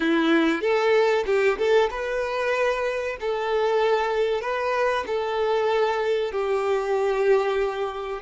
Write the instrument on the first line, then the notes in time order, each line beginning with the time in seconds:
violin
0.00 E4
0.61 A4
1.26 G4
1.58 A4
1.90 B4
3.20 A4
4.41 B4
5.06 A4
6.32 G4